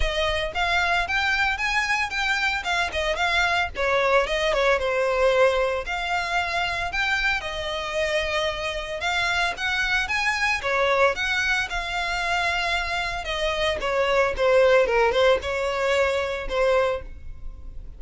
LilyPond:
\new Staff \with { instrumentName = "violin" } { \time 4/4 \tempo 4 = 113 dis''4 f''4 g''4 gis''4 | g''4 f''8 dis''8 f''4 cis''4 | dis''8 cis''8 c''2 f''4~ | f''4 g''4 dis''2~ |
dis''4 f''4 fis''4 gis''4 | cis''4 fis''4 f''2~ | f''4 dis''4 cis''4 c''4 | ais'8 c''8 cis''2 c''4 | }